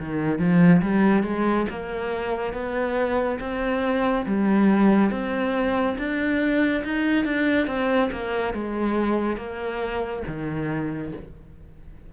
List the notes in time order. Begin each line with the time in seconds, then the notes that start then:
0.00 D#3
0.39 F3
0.83 G3
1.24 G#3
1.71 A#3
2.54 B3
3.40 C4
4.26 G3
5.11 C4
5.98 D4
6.85 D#4
7.25 D4
7.67 C4
8.12 A#3
8.54 G#3
9.37 A#3
10.27 D#3